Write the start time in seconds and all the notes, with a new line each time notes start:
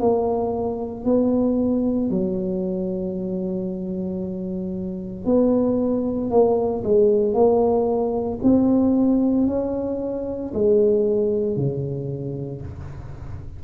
0.00 A#3
1.05 B3
2.11 F#3
5.26 B3
6.31 A#3
6.84 G#3
7.34 A#3
8.43 C4
9.47 C#4
10.55 G#3
11.57 C#3